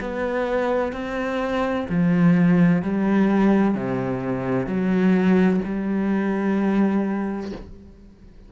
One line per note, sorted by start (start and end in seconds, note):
0.00 0.92 B3
0.92 1.86 C4
1.89 2.82 F3
2.82 3.75 G3
3.75 4.66 C3
4.66 5.60 F#3
5.64 7.52 G3